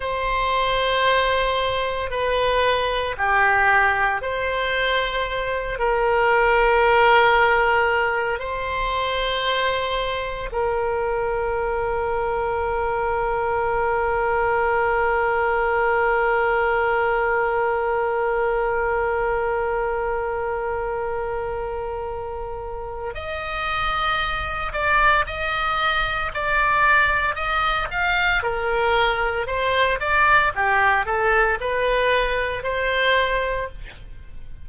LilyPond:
\new Staff \with { instrumentName = "oboe" } { \time 4/4 \tempo 4 = 57 c''2 b'4 g'4 | c''4. ais'2~ ais'8 | c''2 ais'2~ | ais'1~ |
ais'1~ | ais'2 dis''4. d''8 | dis''4 d''4 dis''8 f''8 ais'4 | c''8 d''8 g'8 a'8 b'4 c''4 | }